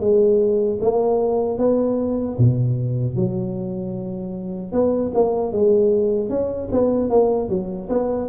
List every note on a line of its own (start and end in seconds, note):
0.00 0.79 G#3
0.81 1.58 A#3
1.58 2.37 B3
2.38 3.16 B2
3.16 4.72 F#3
4.72 5.12 B3
5.14 5.52 A#3
5.52 6.29 G#3
6.29 6.69 C#4
6.72 7.10 B3
7.10 7.49 A#3
7.49 7.88 F#3
7.89 8.29 B3